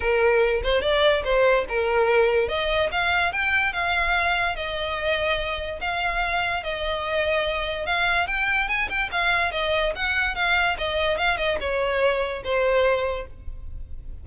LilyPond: \new Staff \with { instrumentName = "violin" } { \time 4/4 \tempo 4 = 145 ais'4. c''8 d''4 c''4 | ais'2 dis''4 f''4 | g''4 f''2 dis''4~ | dis''2 f''2 |
dis''2. f''4 | g''4 gis''8 g''8 f''4 dis''4 | fis''4 f''4 dis''4 f''8 dis''8 | cis''2 c''2 | }